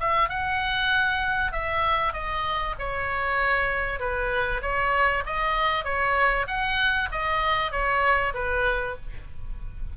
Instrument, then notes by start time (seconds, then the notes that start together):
oboe
0.00 E5
0.29 F#5
1.52 E5
2.13 D#5
2.79 C#5
4.00 B4
4.62 C#5
5.26 D#5
5.85 C#5
6.47 F#5
7.12 D#5
7.72 C#5
8.34 B4